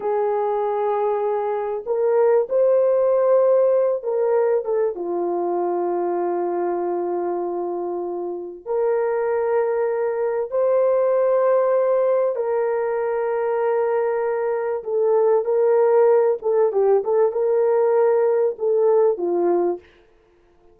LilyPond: \new Staff \with { instrumentName = "horn" } { \time 4/4 \tempo 4 = 97 gis'2. ais'4 | c''2~ c''8 ais'4 a'8 | f'1~ | f'2 ais'2~ |
ais'4 c''2. | ais'1 | a'4 ais'4. a'8 g'8 a'8 | ais'2 a'4 f'4 | }